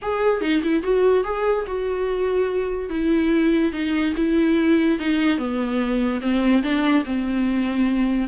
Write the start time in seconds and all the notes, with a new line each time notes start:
0.02 G#4
0.41 D#4
0.63 E4
0.83 F#4
1.24 G#4
1.66 F#4
2.89 E4
3.72 D#4
4.16 E4
4.99 D#4
5.38 B3
6.21 C4
6.62 D4
7.04 C4